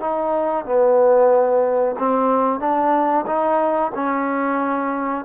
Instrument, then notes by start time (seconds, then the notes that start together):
trombone
0.00 D#4
0.65 B3
1.98 C4
2.59 D4
3.26 D#4
3.94 C#4